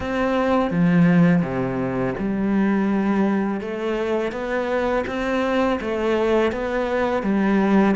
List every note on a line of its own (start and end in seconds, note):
0.00 0.70 C4
0.70 1.42 F3
1.42 2.14 C3
2.18 3.60 G3
3.60 4.32 A3
4.32 5.04 B3
5.06 5.79 C4
5.80 6.52 A3
6.52 7.23 B3
7.23 7.95 G3